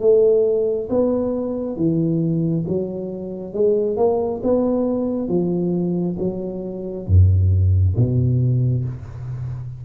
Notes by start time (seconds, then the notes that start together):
0.00 A3
0.89 B3
1.76 E3
2.68 F#3
3.53 G#3
3.97 A#3
4.43 B3
5.28 F3
6.19 F#3
7.07 F#2
7.96 B2